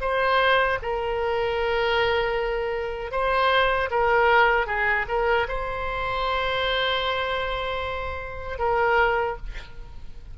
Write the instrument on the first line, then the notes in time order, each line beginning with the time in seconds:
oboe
0.00 C5
0.81 A#4
3.11 C5
3.90 A#4
4.66 G#4
5.08 A#4
5.48 C5
8.58 A#4